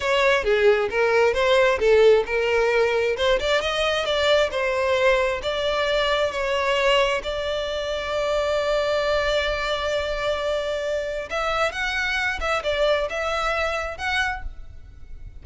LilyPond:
\new Staff \with { instrumentName = "violin" } { \time 4/4 \tempo 4 = 133 cis''4 gis'4 ais'4 c''4 | a'4 ais'2 c''8 d''8 | dis''4 d''4 c''2 | d''2 cis''2 |
d''1~ | d''1~ | d''4 e''4 fis''4. e''8 | d''4 e''2 fis''4 | }